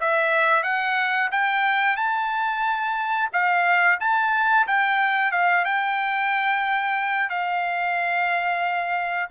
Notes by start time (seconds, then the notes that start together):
0.00 E5
0.63 F#5
1.32 G5
1.96 A5
3.32 F5
4.00 A5
4.67 G5
5.32 F5
5.65 G5
7.29 F5